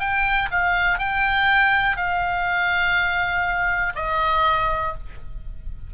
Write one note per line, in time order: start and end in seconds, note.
0.00 0.49 G5
0.51 0.99 F5
0.99 1.97 G5
1.97 3.93 F5
3.96 4.94 D#5